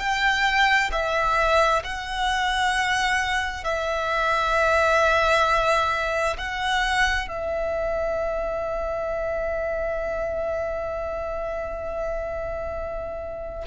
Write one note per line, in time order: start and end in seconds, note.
0.00 0.91 G5
0.92 1.83 E5
1.84 3.64 F#5
3.64 6.37 E5
6.38 7.28 F#5
7.28 13.64 E5